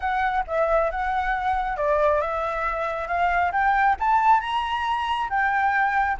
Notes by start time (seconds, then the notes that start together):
0.00 F#5
0.47 E5
0.90 F#5
1.76 D5
2.21 E5
3.07 F5
3.52 G5
3.99 A5
4.40 A#5
5.29 G5